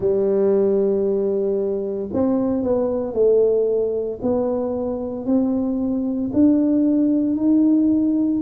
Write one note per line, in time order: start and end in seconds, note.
0.00 2.09 G3
2.13 2.63 C4
2.63 3.13 B3
3.13 4.19 A3
4.22 5.25 B3
5.25 6.31 C4
6.33 7.36 D4
7.36 8.42 D#4